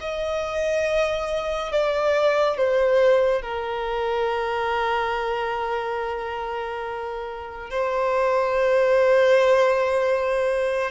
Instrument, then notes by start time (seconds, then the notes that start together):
violin
0.00 D#5
1.71 D5
2.57 C5
3.41 A#4
7.70 C5